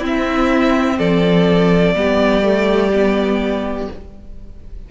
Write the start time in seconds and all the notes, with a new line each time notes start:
0.00 C4 E4
0.06 E5
0.98 F3 A4 D5
1.94 G3 B3 G4
2.43 A3
2.94 B3